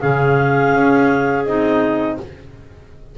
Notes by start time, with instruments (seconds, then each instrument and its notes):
0.00 double bass C#3, clarinet C#4 G#4 F5
0.74 double bass C#4
1.45 double bass C4, clarinet D#4 D#5